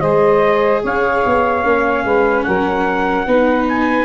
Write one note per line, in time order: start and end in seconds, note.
0.00 0.83 G#3
0.00 1.64 G#4
0.00 0.82 C5
0.00 0.81 D#5
0.83 1.24 C#4
0.83 2.04 C#5
0.83 2.43 F5
1.26 1.64 B3
1.64 2.04 A#3
1.64 3.26 C#4
2.04 2.45 G#3
2.04 2.45 B4
2.43 3.27 F#3
2.43 3.26 A#4
2.43 3.65 F#5
3.26 4.04 B3
3.26 4.04 D#4
3.26 4.04 B4
3.68 4.04 G#5